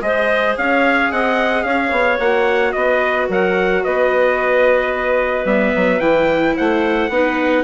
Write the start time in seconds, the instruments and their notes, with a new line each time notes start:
0.00 bassoon G#3, viola G#4, clarinet C5, trumpet D#5
0.57 bassoon C#4, clarinet C#5, trumpet F5
1.11 bassoon C4, clarinet D#5, trumpet F#5
1.63 bassoon C#4, clarinet C#5, trumpet F5
1.91 bassoon B3
2.19 bassoon A#3, viola F#4, trumpet F#5
2.72 bassoon B3, clarinet B4, trumpet D#5
3.29 bassoon F#3, clarinet A#4, trumpet F#5
3.83 bassoon B3, clarinet B4, trumpet D#5
5.45 bassoon G3, viola B3, trumpet E5
5.75 bassoon F#3
5.99 bassoon E3, viola E4, trumpet G5
6.55 bassoon A3, clarinet C5, trumpet F#5
7.09 bassoon B3, viola D#4, clarinet B4